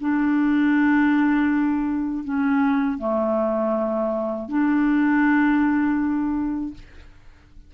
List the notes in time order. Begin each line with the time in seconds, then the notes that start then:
0.00 D4
2.24 C#4
2.98 A3
4.49 D4